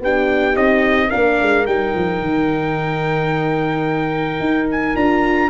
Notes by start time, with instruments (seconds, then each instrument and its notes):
0.00 tuba B3, viola D4, horn G4, trumpet G5
0.53 tuba C4, viola D#4, trumpet D#5
1.09 tuba A#3, viola D4, horn A#4, trumpet F5
1.41 tuba G#3
1.66 tuba G3, viola D#4, trumpet G5
1.94 tuba F3
2.21 tuba D#3
4.39 tuba D#4
4.70 trumpet G#5
4.95 tuba D4, viola F4, trumpet A#5